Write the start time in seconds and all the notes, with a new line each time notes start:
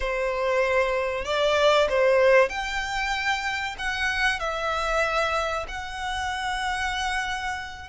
0.00 C5
1.24 D5
1.89 C5
2.49 G5
3.78 F#5
4.39 E5
5.68 F#5